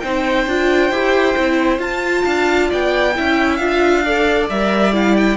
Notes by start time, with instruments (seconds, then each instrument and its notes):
0.00 cello C4, viola D#4, violin C5 G5
0.46 cello D4, viola F4
0.91 cello E4, viola G4
1.35 cello C4, viola E4
1.79 cello F4, viola F4, violin A5
2.24 cello D4, violin F5
2.69 cello B3, violin D5 G5
3.15 cello C#4, viola E4, violin E5
3.56 cello D4, viola F4, violin F5
4.04 viola A4, violin D5
4.49 cello G3, viola A#4, violin E5
4.92 viola E4, violin F5
5.16 violin G5